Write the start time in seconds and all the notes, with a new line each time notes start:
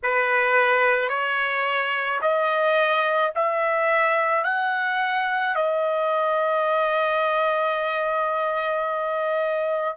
0.03 B4
1.08 C#5
2.21 D#5
3.35 E5
4.44 F#5
5.55 D#5